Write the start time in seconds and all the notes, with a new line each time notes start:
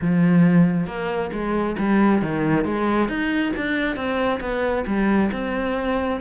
0.01 F3
0.86 A#3
1.32 G#3
1.78 G3
2.22 D#3
2.65 G#3
3.08 D#4
3.56 D4
3.95 C4
4.40 B3
4.86 G3
5.32 C4